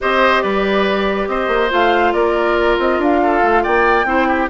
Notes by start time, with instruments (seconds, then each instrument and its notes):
0.00 bassoon C4, clarinet G4, oboe C5, flute D#5
0.42 bassoon G3, oboe B4, flute D5
1.27 bassoon C4, oboe C5, flute D#5
1.48 bassoon A#3
1.70 bassoon A3, clarinet F4, flute F5
2.12 bassoon A#3, oboe A#4, flute D5
2.78 bassoon C4, flute D#5
2.98 bassoon D4, flute F5
3.22 oboe A4
3.43 bassoon A3
3.63 bassoon A#3, oboe D5, flute G5
4.05 bassoon C4, clarinet E4, oboe C5
4.27 oboe G4